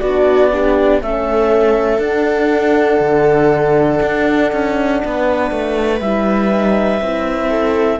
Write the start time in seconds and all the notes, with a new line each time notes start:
0.00 B3 D4 F#4 D5
0.52 D4 G4
1.01 A3 C#4 A4 E5
1.99 D4 F#5
2.99 D3
4.02 D4
4.52 C#4
5.03 B3 B4
5.51 A3
6.00 G3 E4 E5
6.51 D#4
7.01 C4 E4
7.50 A4